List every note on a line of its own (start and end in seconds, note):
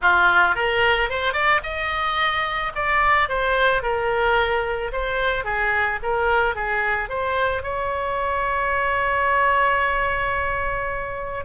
0.01 0.55 F4
0.55 1.09 A#4
1.09 1.33 C5
1.33 1.60 D5
1.63 2.72 D#5
2.75 3.28 D5
3.28 3.82 C5
3.82 4.91 A#4
4.92 5.44 C5
5.44 5.99 G#4
6.02 6.55 A#4
6.55 7.09 G#4
7.09 7.62 C5
7.62 11.44 C#5